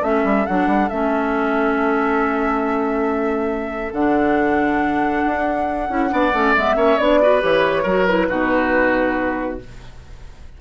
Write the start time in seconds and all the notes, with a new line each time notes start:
0.00 A3 C#4 A4 E5
0.24 G3
0.46 F#3 D4 F#5
0.67 G3
0.89 A3 C#4 E5
3.92 D3 D4 F#5
5.25 D4
5.89 C#4 E4
6.09 B3 D4 D5
6.33 A3 C#4
6.55 G#3 B3 E5
6.75 A#3 C#4 C#5
6.98 B3 D4 D5
7.22 F#4 B4
7.40 E3 G4 C#5
7.83 F#3 F#4 A#4
8.05 E4 B4
8.28 B2 D#4 F#4